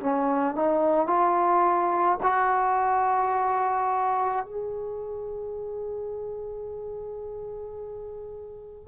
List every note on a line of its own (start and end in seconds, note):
0.00 0.56 C#4
0.56 1.07 D#4
1.07 2.18 F4
2.23 4.45 F#4
4.45 8.88 G#4